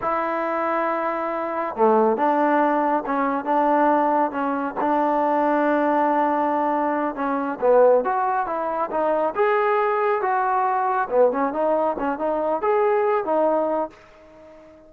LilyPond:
\new Staff \with { instrumentName = "trombone" } { \time 4/4 \tempo 4 = 138 e'1 | a4 d'2 cis'4 | d'2 cis'4 d'4~ | d'1~ |
d'8 cis'4 b4 fis'4 e'8~ | e'8 dis'4 gis'2 fis'8~ | fis'4. b8 cis'8 dis'4 cis'8 | dis'4 gis'4. dis'4. | }